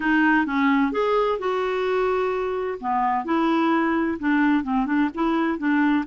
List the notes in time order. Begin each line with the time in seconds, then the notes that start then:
0.00 D#4
0.46 C#4
0.92 G#4
1.38 F#4
2.80 B3
3.25 E4
4.19 D4
4.63 C4
4.86 D4
5.14 E4
5.58 D4